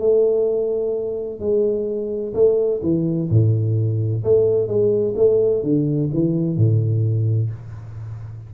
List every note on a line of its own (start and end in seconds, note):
0.00 1.40 A3
1.40 2.34 G#3
2.34 2.81 A3
2.83 3.30 E3
3.30 4.24 A2
4.24 4.68 A3
4.68 5.15 G#3
5.17 5.64 A3
5.64 6.10 D3
6.14 6.57 E3
6.57 7.51 A2